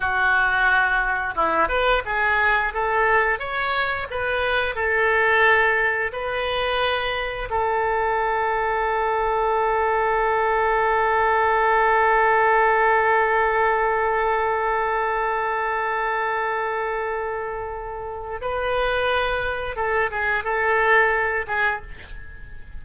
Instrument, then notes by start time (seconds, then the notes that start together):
oboe
0.00 F#4
1.35 E4
1.68 B4
2.05 G#4
2.73 A4
3.39 C#5
4.10 B4
4.75 A4
6.12 B4
7.50 A4
18.41 B4
19.76 A4
20.10 G#4
20.44 A4
21.47 G#4